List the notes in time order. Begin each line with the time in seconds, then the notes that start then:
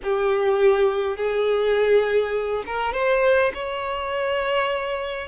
0.03 G4
1.16 G#4
2.66 A#4
2.93 C5
3.54 C#5